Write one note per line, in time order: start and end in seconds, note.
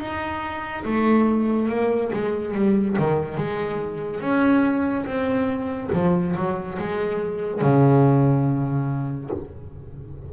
0.00 0.85 D#4
0.85 1.69 A3
1.69 2.12 A#3
2.13 2.55 G#3
2.55 2.97 G3
2.99 3.38 D#3
3.38 4.21 G#3
4.21 5.06 C#4
5.06 5.91 C4
5.93 6.35 F3
6.36 6.78 F#3
6.80 7.62 G#3
7.62 9.31 C#3